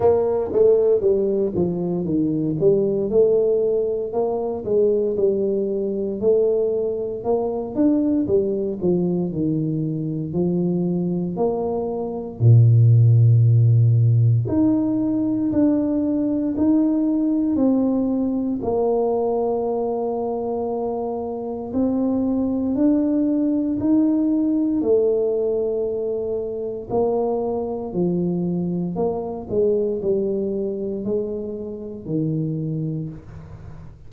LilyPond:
\new Staff \with { instrumentName = "tuba" } { \time 4/4 \tempo 4 = 58 ais8 a8 g8 f8 dis8 g8 a4 | ais8 gis8 g4 a4 ais8 d'8 | g8 f8 dis4 f4 ais4 | ais,2 dis'4 d'4 |
dis'4 c'4 ais2~ | ais4 c'4 d'4 dis'4 | a2 ais4 f4 | ais8 gis8 g4 gis4 dis4 | }